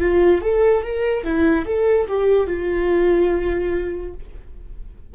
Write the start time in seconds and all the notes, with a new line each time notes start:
0.00 F4
0.42 A4
0.83 A#4
1.24 E4
1.66 A4
2.08 G4
2.47 F4